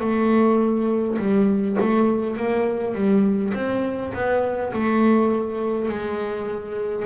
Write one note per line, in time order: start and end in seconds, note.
0.00 1.18 A3
1.19 1.78 G3
1.81 2.37 A3
2.37 2.95 A#3
2.95 3.54 G3
3.55 4.13 C4
4.14 4.73 B3
4.73 5.89 A3
5.89 7.06 G#3